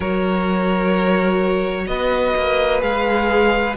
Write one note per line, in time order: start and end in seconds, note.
0.00 1.87 F#3
0.00 2.80 F#4
0.00 1.84 A#4
0.00 1.87 C#5
1.87 2.34 B3
1.87 3.76 B4
1.87 2.80 D#5
2.36 2.81 A#3
2.80 3.75 G#3
2.80 3.74 G#4
2.80 3.76 F5